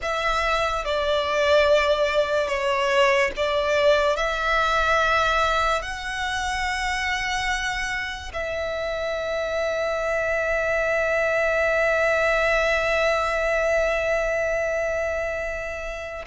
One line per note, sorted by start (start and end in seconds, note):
0.02 0.84 E5
0.84 2.48 D5
2.48 3.31 C#5
3.36 4.16 D5
4.16 5.82 E5
5.82 8.32 F#5
8.33 16.25 E5